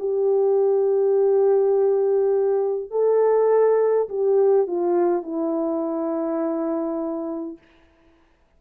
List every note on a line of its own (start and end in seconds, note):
0.00 2.91 G4
2.91 4.09 A4
4.10 4.67 G4
4.67 5.23 F4
5.23 7.58 E4